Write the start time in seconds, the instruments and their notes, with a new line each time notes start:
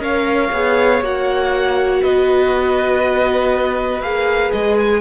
0.00 cello C#4, viola A#4, violin C#5 F5
0.53 cello B3, viola G#4
1.02 cello A#3, viola F#4, violin F#5
2.02 cello B3, violin B4 D#5
4.02 cello A#3, viola G#4, violin F5
4.53 cello G#3, violin D#5
4.78 violin G#5